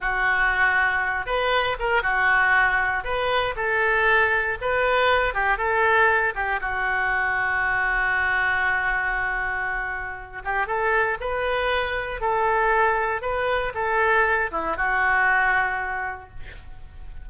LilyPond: \new Staff \with { instrumentName = "oboe" } { \time 4/4 \tempo 4 = 118 fis'2~ fis'8 b'4 ais'8 | fis'2 b'4 a'4~ | a'4 b'4. g'8 a'4~ | a'8 g'8 fis'2.~ |
fis'1~ | fis'8 g'8 a'4 b'2 | a'2 b'4 a'4~ | a'8 e'8 fis'2. | }